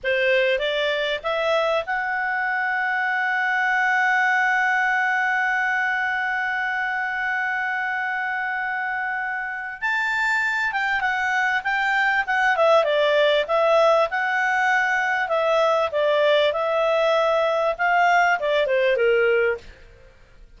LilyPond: \new Staff \with { instrumentName = "clarinet" } { \time 4/4 \tempo 4 = 98 c''4 d''4 e''4 fis''4~ | fis''1~ | fis''1~ | fis''1 |
a''4. g''8 fis''4 g''4 | fis''8 e''8 d''4 e''4 fis''4~ | fis''4 e''4 d''4 e''4~ | e''4 f''4 d''8 c''8 ais'4 | }